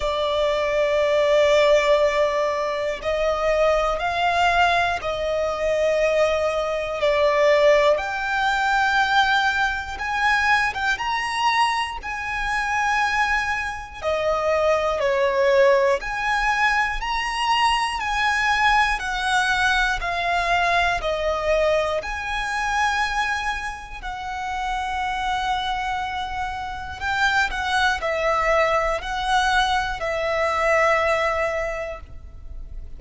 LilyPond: \new Staff \with { instrumentName = "violin" } { \time 4/4 \tempo 4 = 60 d''2. dis''4 | f''4 dis''2 d''4 | g''2 gis''8. g''16 ais''4 | gis''2 dis''4 cis''4 |
gis''4 ais''4 gis''4 fis''4 | f''4 dis''4 gis''2 | fis''2. g''8 fis''8 | e''4 fis''4 e''2 | }